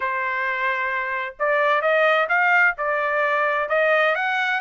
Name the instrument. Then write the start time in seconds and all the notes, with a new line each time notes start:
trumpet
0.00 C5
1.39 D5
1.81 D#5
2.28 F5
2.77 D5
3.68 D#5
4.15 F#5